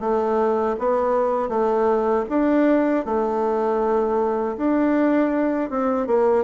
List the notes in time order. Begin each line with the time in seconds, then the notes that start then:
0.00 A3
0.79 B3
1.49 A3
2.29 D4
3.05 A3
4.57 D4
5.70 C4
6.07 A#3